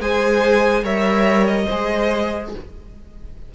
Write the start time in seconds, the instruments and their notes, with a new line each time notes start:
0.00 cello G#3, viola G#4, violin C5 G#5
0.83 cello G3, viola A#4, violin C#5 E5
1.47 violin D#5
1.65 viola G#4, violin C5
1.72 cello G#3